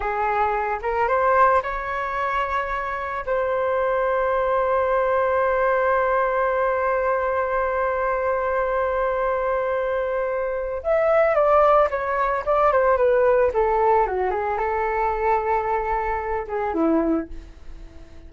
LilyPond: \new Staff \with { instrumentName = "flute" } { \time 4/4 \tempo 4 = 111 gis'4. ais'8 c''4 cis''4~ | cis''2 c''2~ | c''1~ | c''1~ |
c''1 | e''4 d''4 cis''4 d''8 c''8 | b'4 a'4 fis'8 gis'8 a'4~ | a'2~ a'8 gis'8 e'4 | }